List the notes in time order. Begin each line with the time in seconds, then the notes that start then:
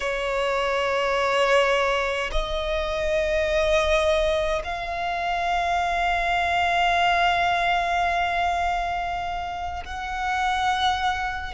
0.00 C#5
2.31 D#5
4.64 F5
9.84 F#5